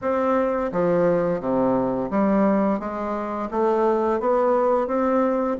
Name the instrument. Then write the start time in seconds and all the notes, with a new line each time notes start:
bassoon
0.01 C4
0.72 F3
1.40 C3
2.10 G3
2.79 G#3
3.50 A3
4.20 B3
4.87 C4